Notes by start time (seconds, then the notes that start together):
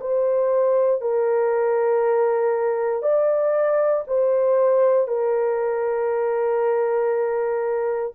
0.00 C5
1.01 A#4
3.02 D5
4.07 C5
5.07 A#4